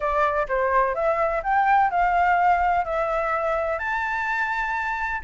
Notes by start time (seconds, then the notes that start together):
0.00 D5
0.48 C5
0.94 E5
1.43 G5
1.90 F5
2.84 E5
3.79 A5